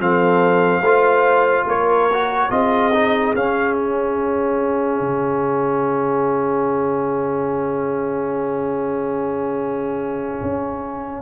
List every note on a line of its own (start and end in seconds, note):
0.00 0.81 F3
0.00 0.84 C4
0.00 0.82 A4
0.00 1.68 F5
0.81 1.65 A3
0.81 2.11 F4
0.81 1.65 C5
1.66 2.49 A#3
1.66 2.50 A#4
1.66 2.51 C#5
2.12 2.51 F#4
2.51 3.34 C4
2.51 2.92 F4
2.51 11.22 G#4
2.51 3.34 D#5
2.93 3.35 D#4
3.35 5.01 C#4
3.35 11.22 C#4
3.35 3.75 F5
3.75 11.22 E5
5.01 10.42 C#3
10.43 11.22 C#4